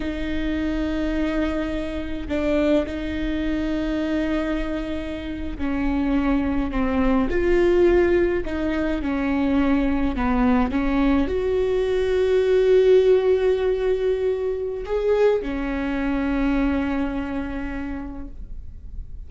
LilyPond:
\new Staff \with { instrumentName = "viola" } { \time 4/4 \tempo 4 = 105 dis'1 | d'4 dis'2.~ | dis'4.~ dis'16 cis'2 c'16~ | c'8. f'2 dis'4 cis'16~ |
cis'4.~ cis'16 b4 cis'4 fis'16~ | fis'1~ | fis'2 gis'4 cis'4~ | cis'1 | }